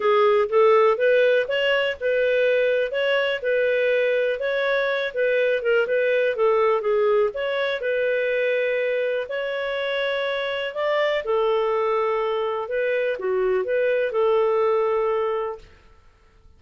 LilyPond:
\new Staff \with { instrumentName = "clarinet" } { \time 4/4 \tempo 4 = 123 gis'4 a'4 b'4 cis''4 | b'2 cis''4 b'4~ | b'4 cis''4. b'4 ais'8 | b'4 a'4 gis'4 cis''4 |
b'2. cis''4~ | cis''2 d''4 a'4~ | a'2 b'4 fis'4 | b'4 a'2. | }